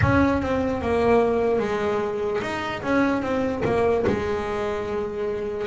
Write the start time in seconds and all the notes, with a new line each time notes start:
0.01 C#4
0.42 C4
0.81 A#3
1.58 G#3
2.41 D#4
2.82 C#4
3.22 C4
3.64 A#3
4.07 G#3